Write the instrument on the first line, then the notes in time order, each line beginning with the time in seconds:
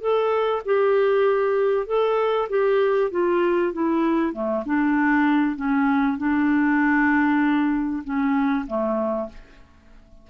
clarinet
0.00 A4
0.65 G4
1.86 A4
2.49 G4
3.11 F4
3.73 E4
4.32 A3
4.65 D4
5.56 C#4
6.17 D4
8.04 C#4
8.67 A3